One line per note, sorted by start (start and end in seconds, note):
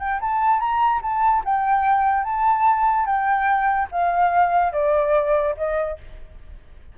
0.00 0.21 G5
0.21 0.60 A5
0.60 1.01 A#5
1.02 1.43 A5
1.45 2.25 G5
2.25 3.07 A5
3.07 3.89 G5
3.92 4.73 F5
4.73 5.56 D5
5.57 5.99 D#5